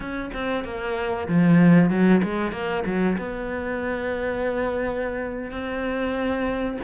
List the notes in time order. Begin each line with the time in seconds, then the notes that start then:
0.00 C#4
0.33 C4
0.64 A#3
1.28 F3
1.89 F#3
2.23 G#3
2.51 A#3
2.85 F#3
3.18 B3
5.51 C4